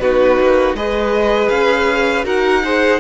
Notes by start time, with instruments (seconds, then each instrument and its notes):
0.00 cello B3, viola D#4, violin F#4 B4
0.40 cello A#3
0.74 cello G#3, viola G#4, violin B4 D#5
1.49 cello C#4, violin F5
2.24 cello D#4, viola F#4, violin A#4 F#5
2.64 viola G#4, violin C5